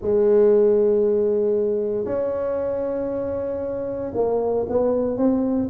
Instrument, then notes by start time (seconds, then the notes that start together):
tuba
0.01 G#3
2.05 C#4
4.14 A#3
4.68 B3
5.17 C4